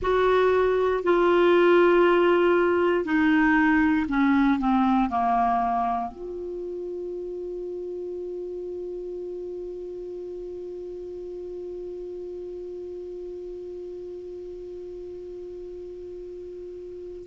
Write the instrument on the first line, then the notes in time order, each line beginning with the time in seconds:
clarinet
0.01 F#4
1.03 F4
3.05 D#4
4.08 C#4
4.59 C4
5.09 A#3
6.11 F4